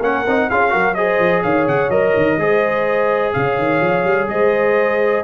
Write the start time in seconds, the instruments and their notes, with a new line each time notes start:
0.00 tuba A#3, trombone C#4, horn A#4, trumpet F#5
0.27 tuba C4, trombone D#4
0.48 tuba C#4, trombone F4, horn G#4, trumpet F5
0.70 tuba F#3, trombone F#4, horn A#4
0.94 trombone G#4, horn C5, trumpet D#5
1.19 tuba F3
1.43 tuba D#3, horn C#5, trumpet F5
1.67 tuba C#3, trumpet F#5
1.89 tuba F#3, trombone A#4, trumpet D#5
2.16 tuba D#3
2.37 tuba G#3, trombone G#4, horn C5
3.33 tuba C#3, horn C#5, trumpet F5
3.58 tuba D#3
3.81 tuba F3
4.04 tuba G3
4.29 tuba G#3, horn C5, trumpet D#5